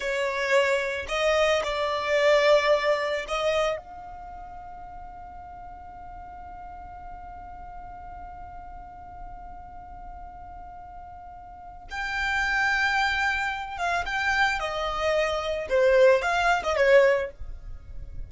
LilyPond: \new Staff \with { instrumentName = "violin" } { \time 4/4 \tempo 4 = 111 cis''2 dis''4 d''4~ | d''2 dis''4 f''4~ | f''1~ | f''1~ |
f''1~ | f''2 g''2~ | g''4. f''8 g''4 dis''4~ | dis''4 c''4 f''8. dis''16 cis''4 | }